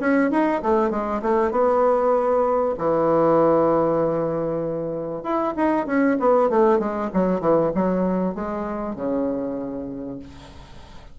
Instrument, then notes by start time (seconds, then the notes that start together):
bassoon
0.00 C#4
0.31 D#4
0.63 A3
0.91 G#3
1.22 A3
1.52 B3
2.78 E3
5.23 E4
5.57 D#4
5.87 C#4
6.20 B3
6.50 A3
6.80 G#3
7.14 F#3
7.41 E3
7.75 F#3
8.35 G#3
8.96 C#3